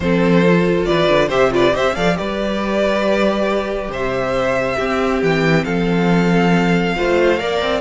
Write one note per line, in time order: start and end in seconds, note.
0.00 0.86 F3
0.00 0.44 C4
0.00 0.88 A4
0.00 0.84 C5
0.44 1.30 F4
0.85 1.08 E3
0.85 1.27 B4
0.85 1.28 D5
1.08 1.29 D3
1.27 1.73 C3
1.27 1.50 G4
1.27 1.49 C5
1.27 1.52 E5
1.50 1.71 F4
1.50 1.74 B4
1.50 1.75 D5
1.71 1.95 C4
1.71 1.93 G4
1.71 1.95 C5
1.71 1.95 E5
1.95 2.17 F3
1.95 2.14 A4
1.95 2.17 D5
1.95 2.17 F5
2.14 4.74 G4
2.14 3.90 B4
2.14 3.91 D5
2.20 3.88 G3
3.88 4.75 C3
3.88 4.76 C5
3.88 5.22 E5
4.76 5.22 C4
4.76 6.96 C4
4.76 5.63 G4
5.22 5.65 E3
5.22 5.64 G5
5.64 6.96 F3
5.64 6.95 A4
5.64 7.80 F5
6.96 7.39 A3
6.96 7.37 F4
6.96 7.39 C5
7.37 7.61 A#3
7.37 7.80 A#4
7.37 7.80 D5
7.61 7.80 C4